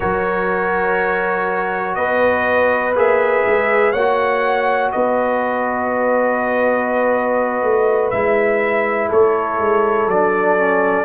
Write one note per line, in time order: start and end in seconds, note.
0.00 1.96 F#3
0.00 2.93 F#4
0.00 1.97 A#4
0.00 1.94 C#5
1.94 2.94 B3
1.94 3.92 B4
1.94 2.93 D#5
2.94 3.43 A#3
2.94 3.93 G#4
2.94 3.92 E5
3.45 3.93 G#3
3.92 4.92 A#3
3.92 8.13 F#4
3.92 4.90 C#5
3.92 4.90 F#5
4.91 7.62 B3
4.91 9.09 B4
4.91 8.10 D#5
7.62 8.11 A3
8.10 9.10 G#3
8.10 10.09 E4
8.10 9.08 E5
9.09 9.59 A3
9.09 11.05 A4
9.09 10.09 C#5
9.59 10.06 G#3
10.06 11.05 F#3
10.06 10.57 D4
10.06 11.05 D5
10.57 11.05 C#4